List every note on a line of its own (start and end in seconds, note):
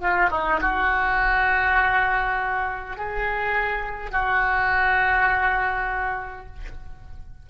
0.00 0.29 F4
0.30 0.59 D#4
0.61 2.96 F#4
2.96 4.11 G#4
4.11 6.46 F#4